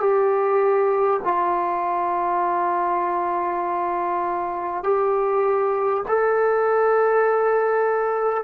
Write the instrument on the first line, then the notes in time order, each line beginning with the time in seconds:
trombone
0.00 G4
1.23 F4
4.83 G4
6.08 A4